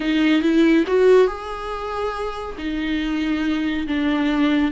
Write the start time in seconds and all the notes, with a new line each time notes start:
0.00 D#4
0.41 E4
0.87 F#4
1.27 G#4
2.58 D#4
3.87 D4